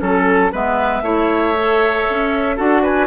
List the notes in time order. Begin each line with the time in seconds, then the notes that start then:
0.00 F#3 C#4 A4
0.52 G#3 B3 B4 E5
1.02 A3 E4 C#5
1.59 A4
2.10 C#4
2.57 D4 F#4 A4 F#5
2.83 B4 G#5